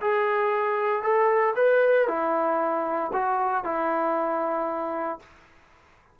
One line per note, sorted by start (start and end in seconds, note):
0.00 1.02 G#4
1.02 1.54 A4
1.56 2.07 B4
2.08 3.11 E4
3.12 3.64 F#4
3.64 5.19 E4